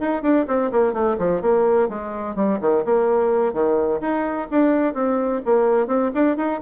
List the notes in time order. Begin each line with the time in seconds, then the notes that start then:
0.00 D#4
0.22 D4
0.47 C4
0.71 A#3
0.93 A3
1.18 F3
1.41 A#3
1.89 G#3
2.35 G3
2.60 D#3
2.84 A#3
3.53 D#3
4.01 D#4
4.51 D4
4.94 C4
5.45 A#3
5.87 C4
6.14 D4
6.36 D#4